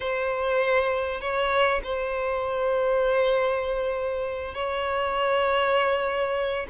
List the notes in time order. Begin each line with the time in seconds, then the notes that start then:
0.00 C5
1.20 C#5
1.83 C5
4.54 C#5